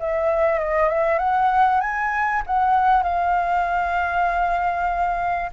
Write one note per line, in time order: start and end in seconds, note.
0.00 0.60 E5
0.60 0.89 D#5
0.89 1.19 E5
1.19 1.81 F#5
1.81 2.43 G#5
2.47 3.03 F#5
3.03 5.51 F5